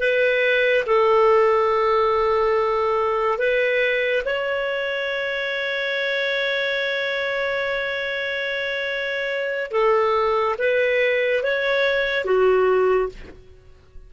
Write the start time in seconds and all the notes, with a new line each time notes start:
0.00 B4
0.87 A4
3.39 B4
4.26 C#5
9.71 A4
10.59 B4
11.44 C#5
12.25 F#4